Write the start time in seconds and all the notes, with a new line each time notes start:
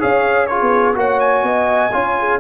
0.00 C#4 G#4 C#5 F5
0.47 F4 G#4 C#5
0.62 B3
0.95 A#3 F#4 C#5 F#5
1.20 G#5
1.43 B3 D#5
1.92 C#4 F4 C#5
2.19 G#4